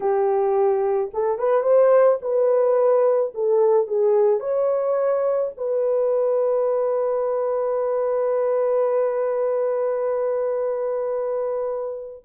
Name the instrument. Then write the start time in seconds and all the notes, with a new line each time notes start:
horn
0.00 G4
1.13 A4
1.38 B4
1.63 C5
2.21 B4
3.34 A4
3.87 G#4
4.40 C#5
5.57 B4